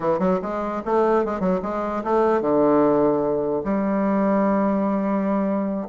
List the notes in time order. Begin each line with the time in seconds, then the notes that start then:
0.00 E3
0.19 F#3
0.42 G#3
0.85 A3
1.25 G#3
1.39 F#3
1.62 G#3
2.04 A3
2.41 D3
3.64 G3